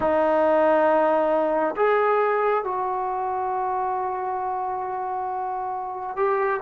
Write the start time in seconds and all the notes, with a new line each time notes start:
0.00 D#4
1.76 G#4
2.64 F#4
6.16 G4